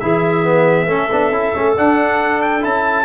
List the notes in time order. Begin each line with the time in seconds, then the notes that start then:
0.00 E3 E4 G#4 E5
0.44 B3
0.87 A3 C#4 A4
1.12 B3 D4
1.31 C#4 E4
1.55 A3 C#4
1.77 D4 F#5
2.42 G5
2.61 C#4 E4 A5